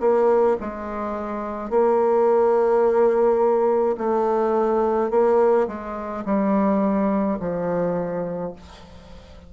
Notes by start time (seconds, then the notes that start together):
0.00 A#3
0.61 G#3
1.70 A#3
3.98 A3
5.10 A#3
5.68 G#3
6.25 G3
7.39 F3